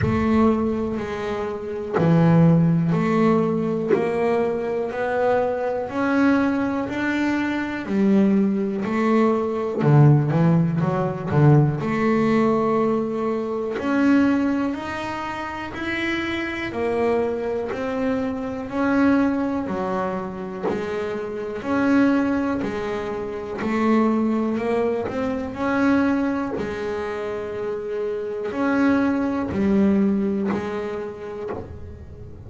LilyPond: \new Staff \with { instrumentName = "double bass" } { \time 4/4 \tempo 4 = 61 a4 gis4 e4 a4 | ais4 b4 cis'4 d'4 | g4 a4 d8 e8 fis8 d8 | a2 cis'4 dis'4 |
e'4 ais4 c'4 cis'4 | fis4 gis4 cis'4 gis4 | a4 ais8 c'8 cis'4 gis4~ | gis4 cis'4 g4 gis4 | }